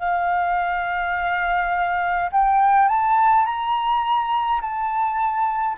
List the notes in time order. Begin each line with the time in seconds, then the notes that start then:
0.00 F5
2.32 G5
2.88 A5
3.46 A#5
4.62 A5